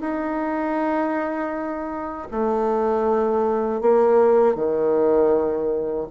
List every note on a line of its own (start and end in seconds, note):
0.00 2.28 D#4
2.31 3.81 A3
3.81 4.55 A#3
4.55 6.07 D#3